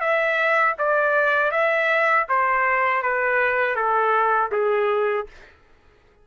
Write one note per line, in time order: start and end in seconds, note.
0.00 0.75 E5
0.78 1.51 D5
1.51 2.26 E5
2.28 3.02 C5
3.02 3.75 B4
3.75 4.50 A4
4.51 5.26 G#4